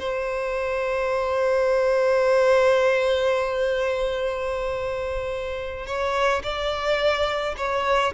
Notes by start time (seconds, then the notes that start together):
0.00 C5
5.87 C#5
6.44 D5
7.58 C#5